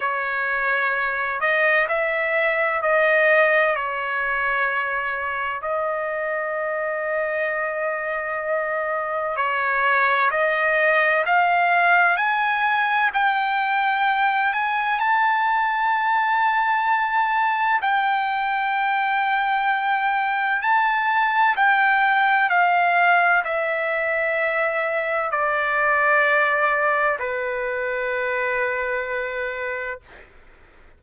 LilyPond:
\new Staff \with { instrumentName = "trumpet" } { \time 4/4 \tempo 4 = 64 cis''4. dis''8 e''4 dis''4 | cis''2 dis''2~ | dis''2 cis''4 dis''4 | f''4 gis''4 g''4. gis''8 |
a''2. g''4~ | g''2 a''4 g''4 | f''4 e''2 d''4~ | d''4 b'2. | }